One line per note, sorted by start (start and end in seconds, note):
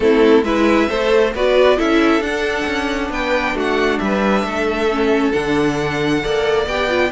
0.00 0.43 A3
0.00 0.43 C4
0.00 0.44 E4
0.00 0.44 A4
0.43 0.87 G#3
0.43 0.89 E4
0.43 0.89 B4
0.43 1.33 E5
0.89 1.34 A3
0.89 1.34 A4
0.89 1.33 C5
1.34 1.78 B3
1.34 1.77 F#4
1.34 1.77 B4
1.34 1.79 D5
1.77 2.20 C#4
1.77 2.21 E4
1.77 3.10 A4
1.77 2.22 E5
2.20 2.64 D4
2.20 4.90 D4
2.20 3.11 F#5
2.66 3.10 C#4
3.10 3.54 B3
3.10 3.55 B4
3.10 3.57 G5
3.54 3.98 A3
3.54 4.00 F#4
3.54 3.98 F#5
3.98 4.43 G3
3.98 4.45 B4
3.98 5.32 E5
4.43 5.32 A3
4.43 6.22 A4
4.90 5.32 C#4
5.32 6.23 D3
5.32 6.21 D4
5.32 6.65 F#5
6.21 6.66 A#3
6.21 6.66 A4
6.21 7.11 D5
6.66 7.10 B3
6.66 6.89 G4
6.66 7.11 G5
6.89 7.11 F4